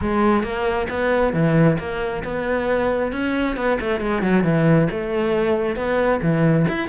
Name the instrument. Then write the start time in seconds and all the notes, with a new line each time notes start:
cello
0.01 G#3
0.43 A#3
0.89 B3
1.33 E3
1.79 A#3
2.23 B3
3.12 C#4
3.56 B3
3.80 A3
4.00 G#3
4.22 F#3
4.43 E3
4.91 A3
5.76 B3
6.22 E3
6.67 E4